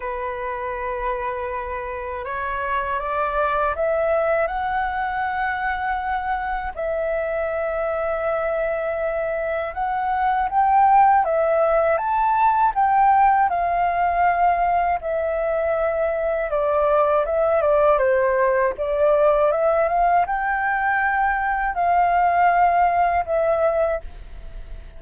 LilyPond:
\new Staff \with { instrumentName = "flute" } { \time 4/4 \tempo 4 = 80 b'2. cis''4 | d''4 e''4 fis''2~ | fis''4 e''2.~ | e''4 fis''4 g''4 e''4 |
a''4 g''4 f''2 | e''2 d''4 e''8 d''8 | c''4 d''4 e''8 f''8 g''4~ | g''4 f''2 e''4 | }